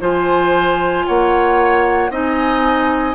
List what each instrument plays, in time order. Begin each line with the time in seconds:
0.00 bassoon F3, clarinet F4, oboe C5, flute G#5
1.06 bassoon A#3, oboe C#5, flute F#5
2.09 bassoon C4, clarinet D#4, oboe D#5, flute G#5